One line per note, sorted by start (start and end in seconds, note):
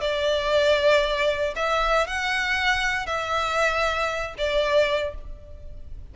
0.00 1.54 D5
1.55 2.07 E5
2.07 3.06 F#5
3.06 4.34 E5
4.37 5.14 D5